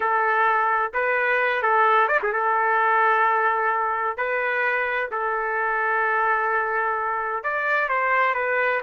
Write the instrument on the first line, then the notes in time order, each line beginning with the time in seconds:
trumpet
0.00 A4
0.93 B4
1.62 A4
2.07 D5
2.22 G#4
2.32 A4
4.17 B4
5.11 A4
7.43 D5
7.89 C5
8.34 B4